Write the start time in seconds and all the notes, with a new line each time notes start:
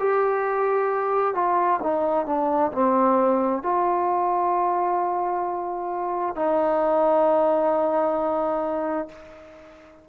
0.00 G4
1.35 F4
1.83 D#4
2.26 D4
2.72 C4
3.63 F4
6.36 D#4